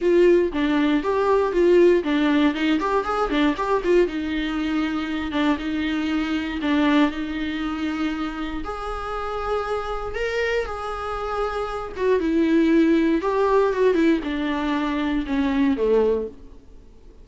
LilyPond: \new Staff \with { instrumentName = "viola" } { \time 4/4 \tempo 4 = 118 f'4 d'4 g'4 f'4 | d'4 dis'8 g'8 gis'8 d'8 g'8 f'8 | dis'2~ dis'8 d'8 dis'4~ | dis'4 d'4 dis'2~ |
dis'4 gis'2. | ais'4 gis'2~ gis'8 fis'8 | e'2 g'4 fis'8 e'8 | d'2 cis'4 a4 | }